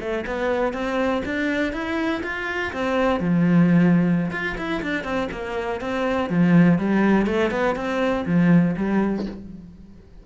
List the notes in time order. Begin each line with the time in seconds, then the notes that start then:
0.00 A3
0.27 B3
0.73 C4
1.25 D4
1.73 E4
2.23 F4
2.73 C4
3.20 F3
4.31 F4
4.58 E4
4.82 D4
5.04 C4
5.32 A#3
5.81 C4
6.30 F3
6.78 G3
7.26 A3
7.51 B3
7.75 C4
8.26 F3
8.77 G3